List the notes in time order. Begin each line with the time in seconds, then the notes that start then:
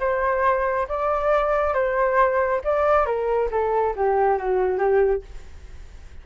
0.00 C5
0.89 D5
1.74 C5
2.65 D5
3.06 A#4
3.51 A4
3.96 G4
4.38 F#4
4.79 G4